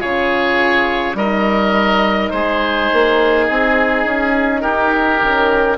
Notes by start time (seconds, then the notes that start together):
0.00 C#3 F4 G#4 C#5
1.14 G3 D#4 A#4 D#5
2.30 G#3 G#4 C5
2.92 A#3
3.47 C4 G#4
4.05 C#4
4.61 D#4 G4 A#4
5.22 D#3 C#4